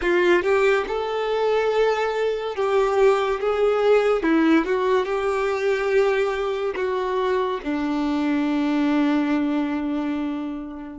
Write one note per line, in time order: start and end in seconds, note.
0.01 0.42 F4
0.42 0.85 G4
0.87 2.55 A4
2.55 3.40 G4
3.40 4.23 G#4
4.23 4.65 E4
4.65 5.05 F#4
5.05 6.74 G4
6.75 7.60 F#4
7.63 10.98 D4